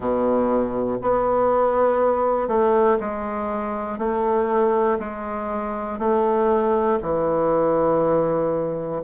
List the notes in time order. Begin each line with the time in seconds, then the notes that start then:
0.00 B2
1.01 B3
2.48 A3
3.00 G#3
3.98 A3
4.99 G#3
5.99 A3
7.02 E3